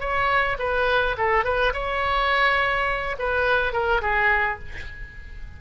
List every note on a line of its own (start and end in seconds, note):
0.00 0.57 C#5
0.59 1.16 B4
1.18 1.44 A4
1.44 1.73 B4
1.73 3.16 C#5
3.19 3.73 B4
3.73 4.01 A#4
4.02 4.59 G#4